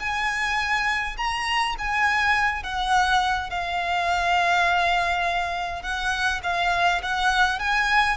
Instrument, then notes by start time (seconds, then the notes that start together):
violin
0.00 G#5
1.18 A#5
1.79 G#5
2.64 F#5
3.51 F5
5.83 F#5
6.43 F5
7.03 F#5
7.60 G#5